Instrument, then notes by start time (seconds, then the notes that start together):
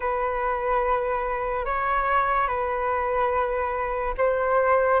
flute
0.00 B4
1.65 C#5
2.47 B4
4.17 C5